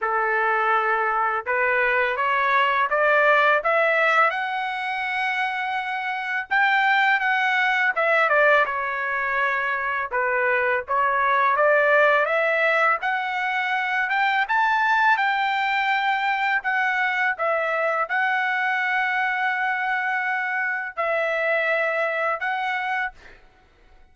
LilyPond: \new Staff \with { instrumentName = "trumpet" } { \time 4/4 \tempo 4 = 83 a'2 b'4 cis''4 | d''4 e''4 fis''2~ | fis''4 g''4 fis''4 e''8 d''8 | cis''2 b'4 cis''4 |
d''4 e''4 fis''4. g''8 | a''4 g''2 fis''4 | e''4 fis''2.~ | fis''4 e''2 fis''4 | }